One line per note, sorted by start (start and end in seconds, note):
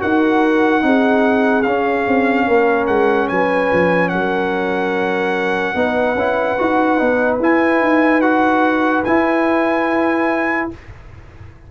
0.00 0.84 D#4
0.00 0.82 F#4
0.00 0.84 A#4
0.00 1.63 F#5
0.82 1.66 C4
0.82 1.64 D#4
0.82 2.47 G#4
1.63 2.07 C#4
1.63 5.76 C#4
1.63 2.86 F5
2.08 2.48 C4
2.47 2.89 A#3
2.47 3.28 A#4
2.87 3.30 G#3
2.87 3.28 F#5
3.28 3.72 F#3
3.28 4.11 B4
3.28 4.09 G#5
3.73 4.13 F3
4.09 5.75 F#3
4.09 5.76 A#4
4.09 7.38 F#5
5.75 6.15 B3
5.75 6.17 D#4
5.75 10.70 B4
6.15 6.56 C#4
6.15 6.59 E4
6.59 7.01 D#4
6.59 6.99 F#4
6.99 7.40 B3
6.99 7.40 D#4
7.40 7.81 E4
7.40 8.22 E4
7.40 8.22 G#5
7.81 9.04 D#4
8.22 9.04 F#4
8.22 9.04 F#5
9.05 10.71 E4
9.05 10.69 G#5